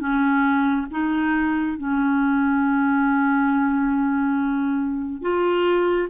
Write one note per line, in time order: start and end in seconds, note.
0.00 0.87 C#4
0.91 1.78 D#4
1.78 5.22 C#4
5.22 6.09 F4